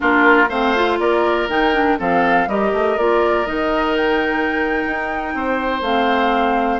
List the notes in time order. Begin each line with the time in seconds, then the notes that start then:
0.00 A#3 D4 F4 A#4
0.48 A3 C4 C5 F5
0.75 F4
0.99 A#3 A#4 D5
1.48 D#3 D#4 G5
1.73 D4
1.98 F3 C4 A4 F5
2.47 G3 G4 A#4 D#5
2.72 A3
2.97 A#3 F4 D5
3.45 D#3 D#4 D#5
3.96 G5
4.86 D#4
5.34 C4 C5
5.81 A3 C4 F5